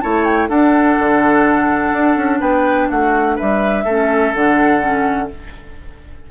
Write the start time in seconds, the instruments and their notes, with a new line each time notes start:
0.00 bassoon A3, clarinet E4, oboe C#5, flute A5
0.24 flute G5
0.48 bassoon D4, clarinet D4, oboe A4, flute F#5
0.98 bassoon D3
1.92 bassoon D4
2.16 bassoon C#4
2.40 bassoon B3, oboe B4, flute G5
2.89 bassoon A3, oboe F#4, flute F#5
3.35 bassoon G3, oboe B4, flute E5
3.84 bassoon A3, clarinet C#4, oboe A4
4.33 bassoon D3, clarinet D4, flute F#5
4.80 clarinet C#4